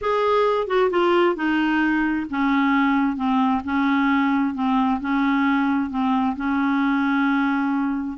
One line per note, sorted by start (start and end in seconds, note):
0.01 0.67 G#4
0.67 0.90 F#4
0.90 1.35 F4
1.35 2.26 D#4
2.30 3.16 C#4
3.16 3.61 C4
3.64 4.54 C#4
4.54 4.99 C4
5.00 5.90 C#4
5.90 6.35 C4
6.35 8.17 C#4